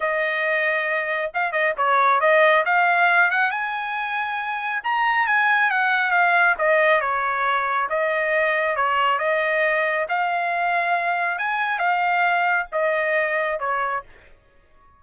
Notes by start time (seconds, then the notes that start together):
0.00 D#5
1.34 F5
1.51 D#5
1.77 C#5
2.20 D#5
2.65 F5
3.30 F#5
3.51 G#5
4.83 A#5
5.27 G#5
5.70 F#5
6.11 F5
6.58 D#5
7.00 C#5
7.89 D#5
8.76 C#5
9.19 D#5
10.08 F5
11.38 G#5
11.78 F5
12.71 D#5
13.59 C#5